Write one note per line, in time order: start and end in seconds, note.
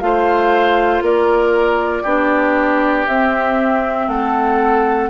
0.00 1.01 A3
0.00 2.05 F4
0.00 1.04 C5
0.00 1.02 F5
1.01 2.03 A#3
1.01 2.03 A#4
1.01 3.07 D5
2.03 3.06 B3
2.03 3.07 D4
2.03 4.06 G4
3.07 4.07 C4
3.07 5.09 C4
3.07 4.08 E5
4.07 5.09 A3
4.07 5.09 A4
4.07 5.09 F#5